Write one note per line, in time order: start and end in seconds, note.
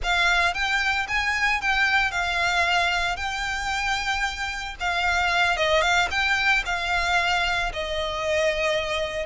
0.03 0.53 F5
0.53 1.06 G5
1.08 1.61 G#5
1.61 2.11 G5
2.11 3.16 F5
3.16 4.75 G5
4.79 5.57 F5
5.57 5.81 D#5
5.81 6.08 F5
6.10 6.63 G5
6.65 7.72 F5
7.73 9.26 D#5